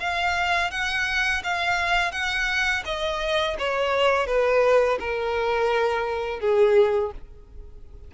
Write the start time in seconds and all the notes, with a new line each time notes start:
0.00 F5
0.71 F#5
1.44 F5
2.12 F#5
2.86 D#5
3.59 C#5
4.27 B4
5.00 A#4
6.40 G#4